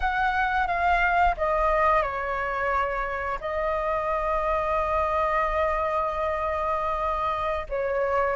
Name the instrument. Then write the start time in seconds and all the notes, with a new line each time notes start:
flute
0.00 F#5
0.67 F5
1.37 D#5
2.02 C#5
3.40 D#5
7.69 C#5